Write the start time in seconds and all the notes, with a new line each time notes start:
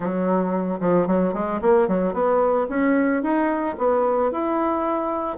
0.00 F#3
0.80 F3
1.07 F#3
1.33 G#3
1.61 A#3
1.87 F#3
2.13 B3
2.69 C#4
3.22 D#4
3.77 B3
4.31 E4